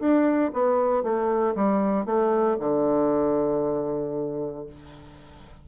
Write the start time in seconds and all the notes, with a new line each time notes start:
0.00 D4
0.53 B3
1.03 A3
1.55 G3
2.05 A3
2.60 D3